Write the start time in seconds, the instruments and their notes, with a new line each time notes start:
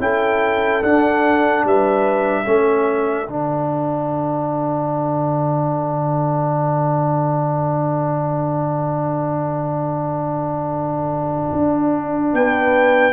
0.00 tuba C#4, trombone E4, horn A4, trumpet G5
0.83 tuba D4, trombone D4, trumpet F#5
1.65 tuba G3, horn B4, trumpet E5
2.44 tuba A3, trombone C#4, horn A4
3.28 tuba D3, trombone D4, trumpet F#5
11.52 tuba D4
12.34 tuba B3, horn B4, trumpet G5